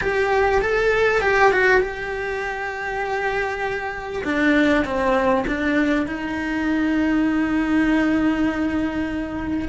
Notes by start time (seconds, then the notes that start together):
0.01 G4
0.61 A4
1.21 G4
1.51 F#4
1.80 G4
4.24 D4
4.84 C4
5.47 D4
6.06 D#4